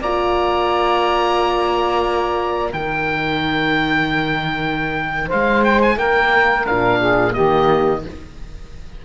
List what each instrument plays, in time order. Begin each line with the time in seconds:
0.00 cello A#3, horn F4, saxophone D5, oboe A#5
2.73 cello D#3, horn D#4, saxophone A#4, oboe G5
5.28 cello G#3, saxophone C5, oboe F5
5.64 oboe G5
5.81 oboe G#5
5.97 cello A#3, saxophone A#4, oboe G5
6.66 cello A#2, horn D4, oboe F5
6.99 saxophone G#4
7.33 cello D#3, horn A#3, saxophone G4, oboe D#5